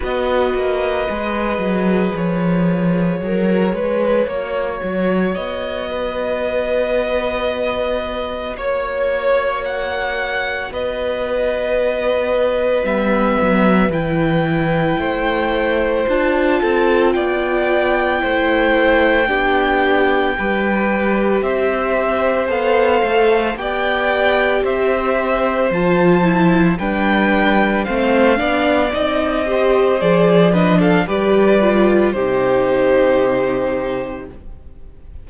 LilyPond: <<
  \new Staff \with { instrumentName = "violin" } { \time 4/4 \tempo 4 = 56 dis''2 cis''2~ | cis''4 dis''2. | cis''4 fis''4 dis''2 | e''4 g''2 a''4 |
g''1 | e''4 f''4 g''4 e''4 | a''4 g''4 f''4 dis''4 | d''8 dis''16 f''16 d''4 c''2 | }
  \new Staff \with { instrumentName = "violin" } { \time 4/4 b'2. ais'8 b'8 | cis''4. b'2~ b'8 | cis''2 b'2~ | b'2 c''4. a'8 |
d''4 c''4 g'4 b'4 | c''2 d''4 c''4~ | c''4 b'4 c''8 d''4 c''8~ | c''8 b'16 a'16 b'4 g'2 | }
  \new Staff \with { instrumentName = "viola" } { \time 4/4 fis'4 gis'2. | fis'1~ | fis'1 | b4 e'2 f'4~ |
f'4 e'4 d'4 g'4~ | g'4 a'4 g'2 | f'8 e'8 d'4 c'8 d'8 dis'8 g'8 | gis'8 d'8 g'8 f'8 dis'2 | }
  \new Staff \with { instrumentName = "cello" } { \time 4/4 b8 ais8 gis8 fis8 f4 fis8 gis8 | ais8 fis8 b2. | ais2 b2 | g8 fis8 e4 a4 d'8 c'8 |
b4 a4 b4 g4 | c'4 b8 a8 b4 c'4 | f4 g4 a8 b8 c'4 | f4 g4 c2 | }
>>